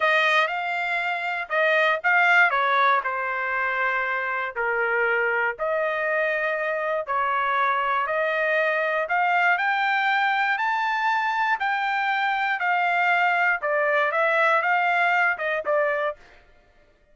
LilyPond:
\new Staff \with { instrumentName = "trumpet" } { \time 4/4 \tempo 4 = 119 dis''4 f''2 dis''4 | f''4 cis''4 c''2~ | c''4 ais'2 dis''4~ | dis''2 cis''2 |
dis''2 f''4 g''4~ | g''4 a''2 g''4~ | g''4 f''2 d''4 | e''4 f''4. dis''8 d''4 | }